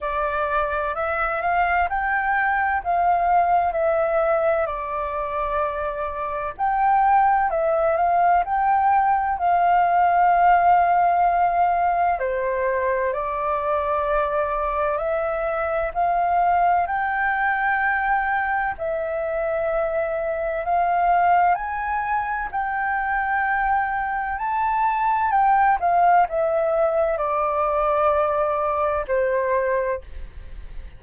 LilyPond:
\new Staff \with { instrumentName = "flute" } { \time 4/4 \tempo 4 = 64 d''4 e''8 f''8 g''4 f''4 | e''4 d''2 g''4 | e''8 f''8 g''4 f''2~ | f''4 c''4 d''2 |
e''4 f''4 g''2 | e''2 f''4 gis''4 | g''2 a''4 g''8 f''8 | e''4 d''2 c''4 | }